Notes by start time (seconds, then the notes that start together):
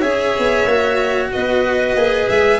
0.00 C#4 G#4 C#5 E5
0.38 B3
0.65 A#3 F#4
1.32 B3 B4 D#5
1.95 A#3 G#4
2.29 G#3 E5